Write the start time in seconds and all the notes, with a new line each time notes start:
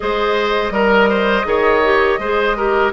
0.00 G#3 G#4 C5 D#5
0.70 G3 A#4
1.09 C5
1.44 D#3 G#4 C#5
1.83 G4
2.18 G#3 G#4 C5
2.56 G4 A#4